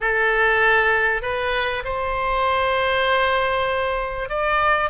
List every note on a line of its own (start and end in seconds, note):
0.00 1.22 A4
1.22 1.83 B4
1.84 4.29 C5
4.29 4.90 D5